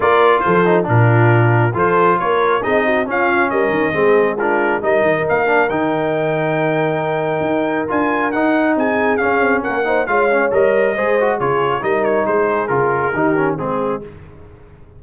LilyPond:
<<
  \new Staff \with { instrumentName = "trumpet" } { \time 4/4 \tempo 4 = 137 d''4 c''4 ais'2 | c''4 cis''4 dis''4 f''4 | dis''2 ais'4 dis''4 | f''4 g''2.~ |
g''2 gis''4 fis''4 | gis''4 f''4 fis''4 f''4 | dis''2 cis''4 dis''8 cis''8 | c''4 ais'2 gis'4 | }
  \new Staff \with { instrumentName = "horn" } { \time 4/4 ais'4 a'4 f'2 | a'4 ais'4 gis'8 fis'8 f'4 | ais'4 gis'4 f'4 ais'4~ | ais'1~ |
ais'1 | gis'2 ais'8 c''8 cis''4~ | cis''4 c''4 gis'4 ais'4 | gis'2 g'4 gis'4 | }
  \new Staff \with { instrumentName = "trombone" } { \time 4/4 f'4. dis'8 d'2 | f'2 dis'4 cis'4~ | cis'4 c'4 d'4 dis'4~ | dis'8 d'8 dis'2.~ |
dis'2 f'4 dis'4~ | dis'4 cis'4. dis'8 f'8 cis'8 | ais'4 gis'8 fis'8 f'4 dis'4~ | dis'4 f'4 dis'8 cis'8 c'4 | }
  \new Staff \with { instrumentName = "tuba" } { \time 4/4 ais4 f4 ais,2 | f4 ais4 c'4 cis'4 | g8 dis8 gis2 g8 dis8 | ais4 dis2.~ |
dis4 dis'4 d'4 dis'4 | c'4 cis'8 c'8 ais4 gis4 | g4 gis4 cis4 g4 | gis4 cis4 dis4 gis4 | }
>>